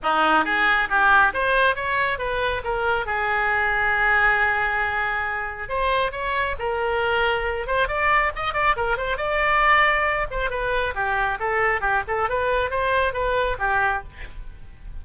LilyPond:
\new Staff \with { instrumentName = "oboe" } { \time 4/4 \tempo 4 = 137 dis'4 gis'4 g'4 c''4 | cis''4 b'4 ais'4 gis'4~ | gis'1~ | gis'4 c''4 cis''4 ais'4~ |
ais'4. c''8 d''4 dis''8 d''8 | ais'8 c''8 d''2~ d''8 c''8 | b'4 g'4 a'4 g'8 a'8 | b'4 c''4 b'4 g'4 | }